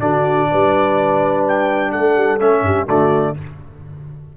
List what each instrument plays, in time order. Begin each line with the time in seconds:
0.00 tuba D3, trombone D4, horn F#4, trumpet D5
0.51 tuba G3, horn B4
1.48 trumpet G5
1.92 tuba A3, horn A4, trumpet F#5
2.17 tuba G3
2.40 tuba A3, trombone C#4, trumpet E5
2.62 tuba G2, horn G4
2.87 tuba D3, trombone A3, horn F#4, trumpet D5